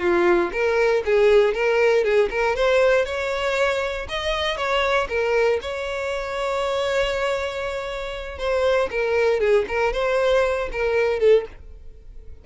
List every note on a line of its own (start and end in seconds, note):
0.00 0.51 F4
0.53 1.04 A#4
1.06 1.54 G#4
1.54 2.04 A#4
2.04 2.30 G#4
2.31 2.56 A#4
2.56 3.06 C5
3.06 4.07 C#5
4.09 4.57 D#5
4.57 5.08 C#5
5.09 5.60 A#4
5.62 8.39 C#5
8.39 8.89 C5
8.91 9.40 A#4
9.40 9.65 G#4
9.68 9.93 A#4
9.93 10.69 C5
10.72 11.20 A#4
11.20 11.45 A4